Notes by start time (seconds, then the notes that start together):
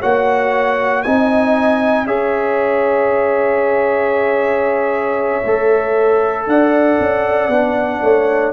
0.00 A#3 F#4 C#5 F#5
1.03 C4 D#4 D#5 G#5
2.05 C#4 G#4 C#5 E5
5.44 A3 A4
6.47 D4 D5 F#5
7.00 C#4
7.48 B3 D4
8.02 A3 C#5